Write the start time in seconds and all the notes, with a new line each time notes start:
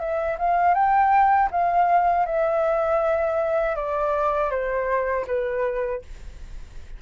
0.00 E5
0.39 F5
0.75 G5
1.51 F5
2.26 E5
3.76 D5
4.51 C5
5.27 B4